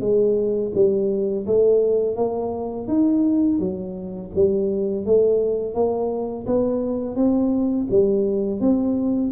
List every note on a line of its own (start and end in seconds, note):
0.00 0.71 G#3
0.74 1.46 G3
1.46 2.16 A3
2.16 2.87 A#3
2.87 3.59 D#4
3.59 4.30 F#3
4.34 5.06 G3
5.06 5.74 A3
5.74 6.46 A#3
6.46 7.15 B3
7.15 7.87 C4
7.90 8.60 G3
8.60 9.31 C4